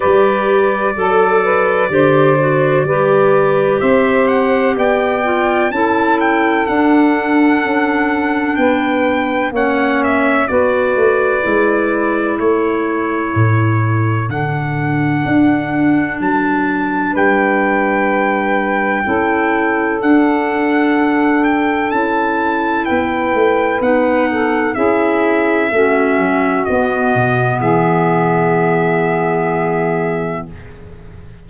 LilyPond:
<<
  \new Staff \with { instrumentName = "trumpet" } { \time 4/4 \tempo 4 = 63 d''1 | e''8 fis''8 g''4 a''8 g''8 fis''4~ | fis''4 g''4 fis''8 e''8 d''4~ | d''4 cis''2 fis''4~ |
fis''4 a''4 g''2~ | g''4 fis''4. g''8 a''4 | g''4 fis''4 e''2 | dis''4 e''2. | }
  \new Staff \with { instrumentName = "saxophone" } { \time 4/4 b'4 a'8 b'8 c''4 b'4 | c''4 d''4 a'2~ | a'4 b'4 cis''4 b'4~ | b'4 a'2.~ |
a'2 b'2 | a'1 | b'4. a'8 gis'4 fis'4~ | fis'4 gis'2. | }
  \new Staff \with { instrumentName = "clarinet" } { \time 4/4 g'4 a'4 g'8 fis'8 g'4~ | g'4. f'8 e'4 d'4~ | d'2 cis'4 fis'4 | e'2. d'4~ |
d'1 | e'4 d'2 e'4~ | e'4 dis'4 e'4 cis'4 | b1 | }
  \new Staff \with { instrumentName = "tuba" } { \time 4/4 g4 fis4 d4 g4 | c'4 b4 cis'4 d'4 | cis'4 b4 ais4 b8 a8 | gis4 a4 a,4 d4 |
d'4 fis4 g2 | cis'4 d'2 cis'4 | b8 a8 b4 cis'4 a8 fis8 | b8 b,8 e2. | }
>>